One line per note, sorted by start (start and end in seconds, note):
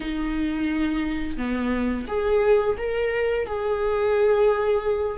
0.00 1.37 D#4
1.37 2.06 B3
2.07 2.76 G#4
2.77 3.46 A#4
3.46 5.17 G#4